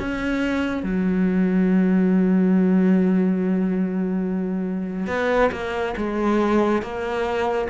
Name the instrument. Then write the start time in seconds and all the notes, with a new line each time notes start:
cello
0.00 C#4
0.83 F#3
5.08 B3
5.52 A#3
5.97 G#3
6.83 A#3